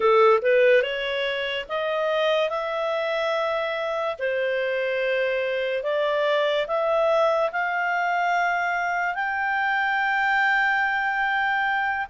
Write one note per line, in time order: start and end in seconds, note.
0.00 0.39 A4
0.42 0.82 B4
0.82 1.65 C#5
1.69 2.49 D#5
2.49 4.16 E5
4.18 5.83 C5
5.83 6.66 D5
6.67 7.50 E5
7.52 9.14 F5
9.14 12.06 G5